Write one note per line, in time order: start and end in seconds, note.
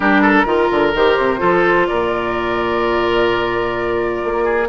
0.00 0.44 G3
0.00 0.45 D4
0.00 0.21 G4
0.00 0.91 A#4
0.21 0.45 A4
0.45 0.68 D#3
0.45 0.92 F4
0.45 1.40 A#4
0.71 0.94 D3
0.94 1.17 D#3
0.94 1.37 G4
0.94 1.86 C5
1.17 1.41 C3
1.37 1.88 F3
1.37 4.65 F4
1.37 1.87 A4
1.86 4.24 A#2
1.86 4.44 A#4
1.86 4.68 D5
4.24 4.69 A#3
4.44 4.67 G#4